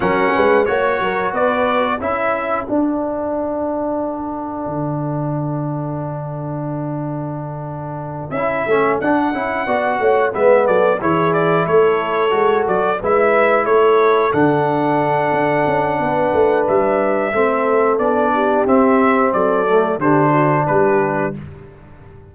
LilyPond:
<<
  \new Staff \with { instrumentName = "trumpet" } { \time 4/4 \tempo 4 = 90 fis''4 cis''4 d''4 e''4 | fis''1~ | fis''1~ | fis''8 e''4 fis''2 e''8 |
d''8 cis''8 d''8 cis''4. d''8 e''8~ | e''8 cis''4 fis''2~ fis''8~ | fis''4 e''2 d''4 | e''4 d''4 c''4 b'4 | }
  \new Staff \with { instrumentName = "horn" } { \time 4/4 ais'8 b'8 cis''8 ais'8 b'4 a'4~ | a'1~ | a'1~ | a'2~ a'8 d''8 cis''8 b'8 |
a'8 gis'4 a'2 b'8~ | b'8 a'2.~ a'8 | b'2 a'4. g'8~ | g'4 a'4 g'8 fis'8 g'4 | }
  \new Staff \with { instrumentName = "trombone" } { \time 4/4 cis'4 fis'2 e'4 | d'1~ | d'1~ | d'8 e'8 cis'8 d'8 e'8 fis'4 b8~ |
b8 e'2 fis'4 e'8~ | e'4. d'2~ d'8~ | d'2 c'4 d'4 | c'4. a8 d'2 | }
  \new Staff \with { instrumentName = "tuba" } { \time 4/4 fis8 gis8 ais8 fis8 b4 cis'4 | d'2. d4~ | d1~ | d8 cis'8 a8 d'8 cis'8 b8 a8 gis8 |
fis8 e4 a4 gis8 fis8 gis8~ | gis8 a4 d4. d'8 cis'8 | b8 a8 g4 a4 b4 | c'4 fis4 d4 g4 | }
>>